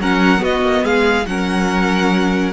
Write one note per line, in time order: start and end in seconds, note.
0.00 0.42 F#3
0.00 0.38 C#4
0.00 0.42 A#4
0.00 0.44 F#5
0.38 1.23 B3
0.38 0.62 B3
0.38 0.84 F#4
0.44 0.85 D#5
0.62 0.83 A#3
0.84 1.26 G#3
0.84 1.26 G#4
0.84 1.27 F5
1.27 2.53 F#3
1.27 2.53 C#4
1.27 2.53 A#4
1.27 2.53 F#5